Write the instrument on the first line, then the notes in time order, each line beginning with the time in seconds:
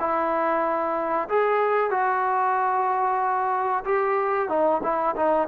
trombone
0.00 E4
1.29 G#4
1.91 F#4
3.85 G4
4.49 D#4
4.84 E4
5.16 D#4